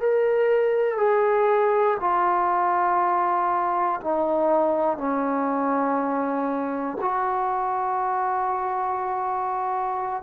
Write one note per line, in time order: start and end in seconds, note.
0.00 0.97 A#4
0.97 1.97 G#4
2.00 4.00 F4
4.00 4.97 D#4
4.97 6.97 C#4
7.00 10.22 F#4